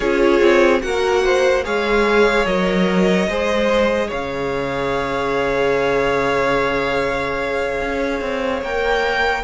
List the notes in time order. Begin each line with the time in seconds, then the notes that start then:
0.00 C#4 F4 G#4 C#5
0.40 C4
0.80 A#3 F#4 A#4 F#5
1.23 C5
1.64 G#3 G#4 C#5 F5
2.45 F#3 A#4 D#5
3.27 G#3 G#4 C5
4.07 C#3 C#5 F5
7.80 C#4
8.20 C4
8.61 A#3 A#4 G5